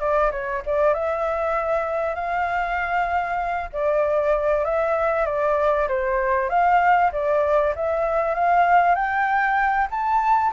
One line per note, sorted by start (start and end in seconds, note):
0.00 0.31 D5
0.31 0.62 C#5
0.66 0.94 D5
0.94 2.15 E5
2.15 3.69 F5
3.73 4.65 D5
4.65 5.26 E5
5.26 5.88 D5
5.88 6.49 C5
6.49 7.11 F5
7.12 7.74 D5
7.75 8.35 E5
8.35 8.95 F5
8.95 9.88 G5
9.91 10.52 A5